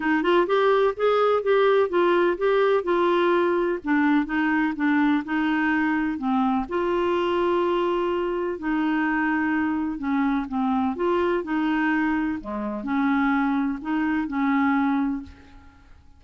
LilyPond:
\new Staff \with { instrumentName = "clarinet" } { \time 4/4 \tempo 4 = 126 dis'8 f'8 g'4 gis'4 g'4 | f'4 g'4 f'2 | d'4 dis'4 d'4 dis'4~ | dis'4 c'4 f'2~ |
f'2 dis'2~ | dis'4 cis'4 c'4 f'4 | dis'2 gis4 cis'4~ | cis'4 dis'4 cis'2 | }